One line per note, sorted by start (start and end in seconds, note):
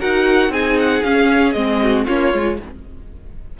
0.00 0.49 D#4
0.00 0.52 F#4
0.00 0.52 A#4
0.00 0.53 F#5
0.49 1.01 C4
0.49 1.04 D#4
0.49 1.82 G#4
0.49 0.79 G#5
0.79 1.03 F#5
1.03 1.55 C#4
1.03 1.56 C#4
1.03 1.53 F5
1.53 2.07 G#3
1.53 2.08 C4
1.53 2.04 D#5
1.83 2.05 F#4
2.05 2.34 A#3
2.05 2.32 C#4
2.05 2.57 F4
2.05 2.60 C#5
2.32 2.60 G#3
2.32 2.58 F4